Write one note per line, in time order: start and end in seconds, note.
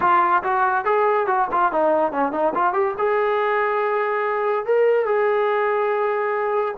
0.00 0.42 F4
0.43 0.84 F#4
0.84 1.26 G#4
1.26 1.48 F#4
1.51 1.72 F4
1.72 2.11 D#4
2.11 2.32 C#4
2.32 2.53 D#4
2.54 2.73 F4
2.73 2.94 G4
2.98 4.65 G#4
4.65 5.05 A#4
5.05 6.74 G#4